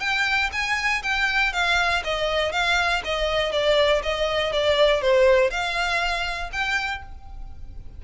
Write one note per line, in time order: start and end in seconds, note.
0.00 0.50 G5
0.52 1.02 G#5
1.02 1.52 G5
1.53 2.03 F5
2.04 2.52 D#5
2.52 3.02 F5
3.04 3.52 D#5
3.52 4.02 D5
4.03 4.52 D#5
4.52 5.01 D5
5.01 5.50 C5
5.50 6.50 F5
6.52 7.02 G5